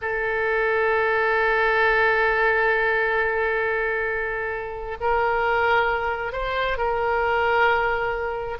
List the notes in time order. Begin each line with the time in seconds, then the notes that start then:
0.01 A4
5.00 A#4
6.32 C5
6.77 A#4